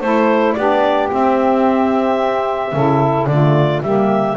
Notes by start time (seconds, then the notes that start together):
0.00 A3 E4 A4 C5
0.53 B3 D4 G4 D5
1.10 C4 E5
2.72 C#3 E4 A4
3.26 D3 A3 F4 D5
3.82 G3 A#3 G4 E5